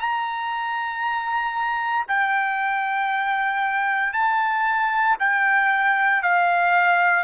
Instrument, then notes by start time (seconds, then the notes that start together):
trumpet
0.00 A#5
2.08 G5
4.13 A5
5.20 G5
6.23 F5